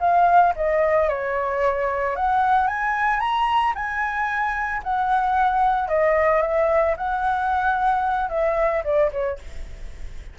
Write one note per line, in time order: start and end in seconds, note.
0.00 0.54 F5
0.56 1.09 D#5
1.09 2.16 C#5
2.16 2.68 F#5
2.68 3.20 G#5
3.20 3.74 A#5
3.75 4.82 G#5
4.83 5.88 F#5
5.88 6.42 D#5
6.42 6.95 E5
6.97 8.30 F#5
8.30 8.83 E5
8.84 9.11 D5
9.12 9.39 C#5